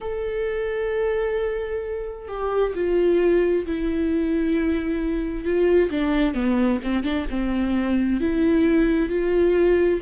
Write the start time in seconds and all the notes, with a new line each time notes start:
0.00 A4
2.28 G4
2.74 F4
3.66 E4
5.44 F4
5.90 D4
6.34 B3
6.83 C4
7.03 D4
7.30 C4
8.20 E4
9.09 F4